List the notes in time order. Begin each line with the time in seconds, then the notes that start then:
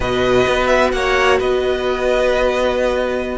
0.00 B2 F#4 B4 D#5
0.47 B3
0.66 E5
0.92 A#3 C#5 F#5
1.38 B3 B4 D#5